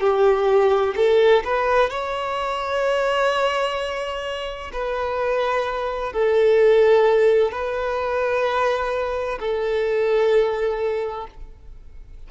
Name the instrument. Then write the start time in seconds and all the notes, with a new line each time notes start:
violin
0.00 G4
0.96 A4
1.44 B4
1.90 C#5
4.73 B4
6.12 A4
7.51 B4
9.39 A4